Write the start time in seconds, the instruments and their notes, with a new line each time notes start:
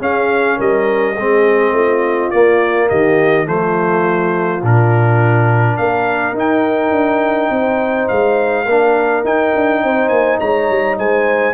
0.00 tuba C#4, trombone C#4, horn G#4, trumpet F5
0.57 tuba G3, horn A#4, trumpet D#5
1.16 tuba G#3, trombone C4, horn G#4
1.72 tuba A3, horn F4
2.31 tuba A#3, trombone A#3, trumpet D5
2.89 tuba D#3, horn G4, trumpet D#5
3.45 tuba F3, trombone A3, horn F4, trumpet C5
4.63 tuba A#2, trombone D4, trumpet A#4
5.77 tuba A#3, horn A#4, trumpet F5
6.33 tuba D#4, trombone D#4, trumpet G5
6.91 tuba D4
7.50 tuba C4, horn C5
8.08 tuba G#3, trumpet F5
8.66 tuba A#3, trombone D4, horn A#4
9.24 tuba D#4, trombone D#4, trumpet G5
9.56 tuba D4
9.83 tuba C4, horn C5
10.09 tuba A#3, trumpet G#5
10.40 tuba G#3, horn C#5, trumpet A#5
10.69 tuba G3
10.98 tuba G#3, horn C5, trumpet G#5